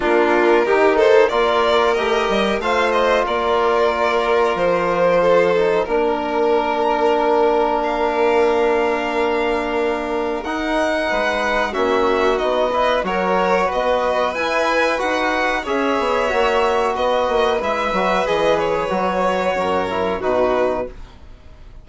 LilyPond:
<<
  \new Staff \with { instrumentName = "violin" } { \time 4/4 \tempo 4 = 92 ais'4. c''8 d''4 dis''4 | f''8 dis''8 d''2 c''4~ | c''4 ais'2. | f''1 |
fis''2 e''4 dis''4 | cis''4 dis''4 gis''4 fis''4 | e''2 dis''4 e''4 | dis''8 cis''2~ cis''8 b'4 | }
  \new Staff \with { instrumentName = "violin" } { \time 4/4 f'4 g'8 a'8 ais'2 | c''4 ais'2. | a'4 ais'2.~ | ais'1~ |
ais'4 b'4 fis'4. b'8 | ais'4 b'2. | cis''2 b'2~ | b'2 ais'4 fis'4 | }
  \new Staff \with { instrumentName = "trombone" } { \time 4/4 d'4 dis'4 f'4 g'4 | f'1~ | f'8 dis'8 d'2.~ | d'1 |
dis'2 cis'4 dis'8 e'8 | fis'2 e'4 fis'4 | gis'4 fis'2 e'8 fis'8 | gis'4 fis'4. e'8 dis'4 | }
  \new Staff \with { instrumentName = "bassoon" } { \time 4/4 ais4 dis4 ais4 a8 g8 | a4 ais2 f4~ | f4 ais2.~ | ais1 |
dis'4 gis4 ais4 b4 | fis4 b4 e'4 dis'4 | cis'8 b8 ais4 b8 ais8 gis8 fis8 | e4 fis4 fis,4 b,4 | }
>>